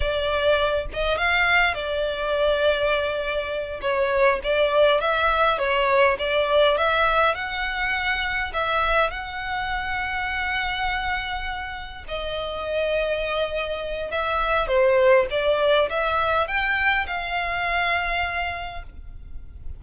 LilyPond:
\new Staff \with { instrumentName = "violin" } { \time 4/4 \tempo 4 = 102 d''4. dis''8 f''4 d''4~ | d''2~ d''8 cis''4 d''8~ | d''8 e''4 cis''4 d''4 e''8~ | e''8 fis''2 e''4 fis''8~ |
fis''1~ | fis''8 dis''2.~ dis''8 | e''4 c''4 d''4 e''4 | g''4 f''2. | }